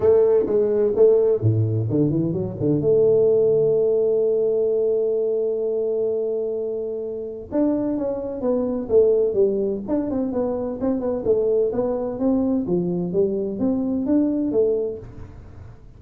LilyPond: \new Staff \with { instrumentName = "tuba" } { \time 4/4 \tempo 4 = 128 a4 gis4 a4 a,4 | d8 e8 fis8 d8 a2~ | a1~ | a1 |
d'4 cis'4 b4 a4 | g4 d'8 c'8 b4 c'8 b8 | a4 b4 c'4 f4 | g4 c'4 d'4 a4 | }